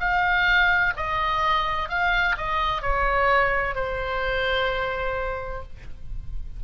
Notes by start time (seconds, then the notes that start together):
0.00 F5
0.97 D#5
1.89 F5
2.38 D#5
2.82 C#5
3.75 C5